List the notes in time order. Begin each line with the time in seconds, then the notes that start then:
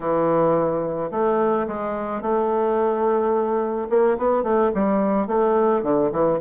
0.00 E3
1.11 A3
1.67 G#3
2.21 A3
3.89 A#3
4.17 B3
4.43 A3
4.74 G3
5.27 A3
5.82 D3
6.12 E3